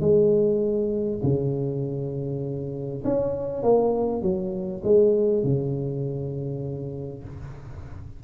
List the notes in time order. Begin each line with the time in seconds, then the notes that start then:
0.00 G#3
1.23 C#3
3.04 C#4
3.62 A#3
4.22 F#3
4.84 G#3
5.44 C#3